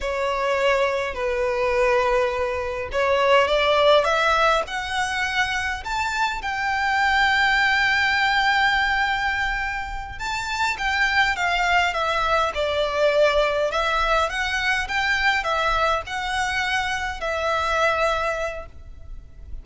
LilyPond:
\new Staff \with { instrumentName = "violin" } { \time 4/4 \tempo 4 = 103 cis''2 b'2~ | b'4 cis''4 d''4 e''4 | fis''2 a''4 g''4~ | g''1~ |
g''4. a''4 g''4 f''8~ | f''8 e''4 d''2 e''8~ | e''8 fis''4 g''4 e''4 fis''8~ | fis''4. e''2~ e''8 | }